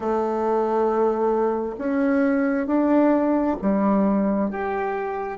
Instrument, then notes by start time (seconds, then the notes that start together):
bassoon
0.00 A3
1.78 C#4
2.66 D4
3.61 G3
4.50 G4